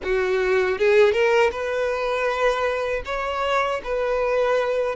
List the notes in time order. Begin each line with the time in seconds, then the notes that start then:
0.03 F#4
0.78 G#4
1.12 A#4
1.51 B4
3.05 C#5
3.84 B4